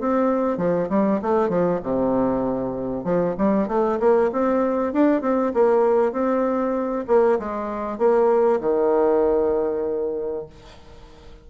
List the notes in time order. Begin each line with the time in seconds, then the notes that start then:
0.00 C4
0.58 F3
0.90 G3
1.22 A3
1.49 F3
1.83 C3
3.04 F3
3.38 G3
3.68 A3
4.00 A#3
4.32 C4
4.93 D4
5.22 C4
5.54 A#3
6.12 C4
7.08 A#3
7.39 G#3
7.98 A#3
8.61 D#3